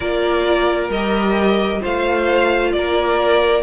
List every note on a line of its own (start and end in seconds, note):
0.00 0.89 A#3
0.00 0.92 F4
0.00 1.80 A#4
0.00 0.89 D5
0.89 1.80 G3
0.89 1.80 G4
0.89 1.82 D#5
1.80 2.74 A3
1.80 3.62 F4
1.80 2.72 C5
1.80 2.72 F5
2.72 3.63 A#3
2.72 3.63 A#4
2.72 3.63 D5